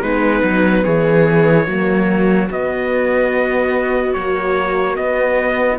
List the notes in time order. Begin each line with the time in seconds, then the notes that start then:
0.00 G#3 B3 D#4 B4
0.43 F#3
0.83 E3 G#4 C#5
1.67 F#3 A#3 F#4
2.50 B3 D#5
4.13 F#3 A#3 C#5
4.94 B3 D#5